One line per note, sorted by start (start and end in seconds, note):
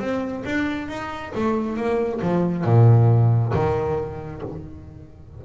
0.00 0.44 C4
0.46 0.89 D4
0.89 1.33 D#4
1.35 1.77 A3
1.77 2.21 A#3
2.22 2.65 F3
2.65 3.53 A#2
3.54 4.42 D#3